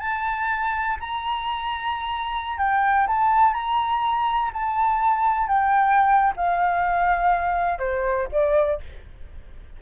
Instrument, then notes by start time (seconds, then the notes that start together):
flute
0.00 A5
1.00 A#5
2.58 G5
3.08 A5
3.54 A#5
4.54 A5
5.48 G5
6.37 F5
7.79 C5
8.32 D5